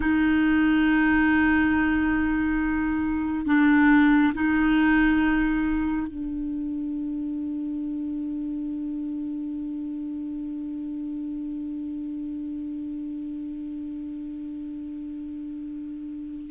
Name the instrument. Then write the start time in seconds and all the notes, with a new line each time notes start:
clarinet
0.00 D#4
3.45 D4
4.34 D#4
6.07 D4